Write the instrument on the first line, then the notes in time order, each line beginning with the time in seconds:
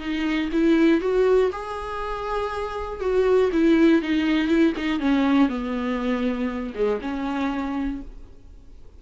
viola
0.00 D#4
0.53 E4
1.01 F#4
1.52 G#4
3.01 F#4
3.53 E4
4.02 D#4
4.48 E4
4.77 D#4
5.00 C#4
5.49 B3
6.75 G#3
7.02 C#4